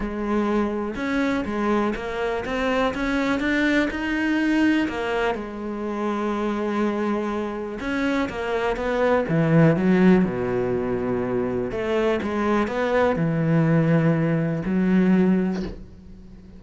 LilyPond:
\new Staff \with { instrumentName = "cello" } { \time 4/4 \tempo 4 = 123 gis2 cis'4 gis4 | ais4 c'4 cis'4 d'4 | dis'2 ais4 gis4~ | gis1 |
cis'4 ais4 b4 e4 | fis4 b,2. | a4 gis4 b4 e4~ | e2 fis2 | }